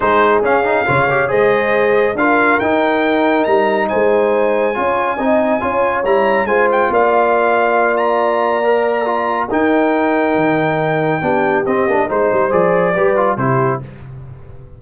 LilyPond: <<
  \new Staff \with { instrumentName = "trumpet" } { \time 4/4 \tempo 4 = 139 c''4 f''2 dis''4~ | dis''4 f''4 g''2 | ais''4 gis''2.~ | gis''2 ais''4 gis''8 g''8 |
f''2~ f''8 ais''4.~ | ais''2 g''2~ | g''2. dis''4 | c''4 d''2 c''4 | }
  \new Staff \with { instrumentName = "horn" } { \time 4/4 gis'2 cis''4 c''4~ | c''4 ais'2.~ | ais'4 c''2 cis''4 | dis''4 cis''2 c''4 |
d''1~ | d''2 ais'2~ | ais'2 g'2 | c''2 b'4 g'4 | }
  \new Staff \with { instrumentName = "trombone" } { \time 4/4 dis'4 cis'8 dis'8 f'8 g'8 gis'4~ | gis'4 f'4 dis'2~ | dis'2. f'4 | dis'4 f'4 e'4 f'4~ |
f'1 | ais'4 f'4 dis'2~ | dis'2 d'4 c'8 d'8 | dis'4 gis'4 g'8 f'8 e'4 | }
  \new Staff \with { instrumentName = "tuba" } { \time 4/4 gis4 cis'4 cis4 gis4~ | gis4 d'4 dis'2 | g4 gis2 cis'4 | c'4 cis'4 g4 gis4 |
ais1~ | ais2 dis'2 | dis2 b4 c'8 ais8 | gis8 g8 f4 g4 c4 | }
>>